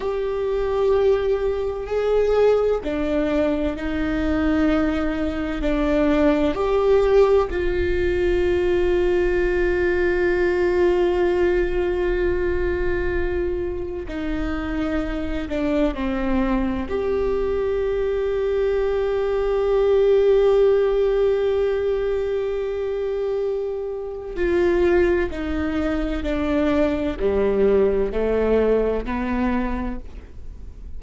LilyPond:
\new Staff \with { instrumentName = "viola" } { \time 4/4 \tempo 4 = 64 g'2 gis'4 d'4 | dis'2 d'4 g'4 | f'1~ | f'2. dis'4~ |
dis'8 d'8 c'4 g'2~ | g'1~ | g'2 f'4 dis'4 | d'4 g4 a4 b4 | }